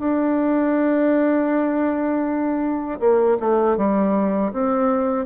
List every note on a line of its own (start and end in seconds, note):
0.00 3.00 D4
3.00 3.38 A#3
3.40 3.77 A3
3.77 4.52 G3
4.53 5.26 C4